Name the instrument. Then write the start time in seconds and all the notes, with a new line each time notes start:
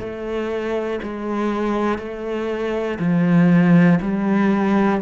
cello
0.00 A3
1.03 G#3
1.98 A3
3.00 F3
4.01 G3